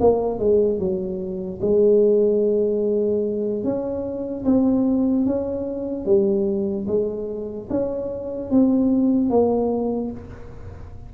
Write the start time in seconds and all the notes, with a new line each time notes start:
0.00 A#3
0.39 G#3
0.79 F#3
1.61 G#3
3.63 C#4
4.44 C4
5.25 C#4
6.05 G3
6.87 G#3
7.70 C#4
8.50 C4
9.29 A#3